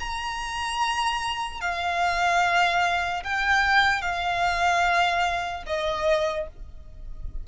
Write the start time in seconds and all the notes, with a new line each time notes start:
0.00 A#5
1.61 F5
3.24 G5
4.02 F5
5.66 D#5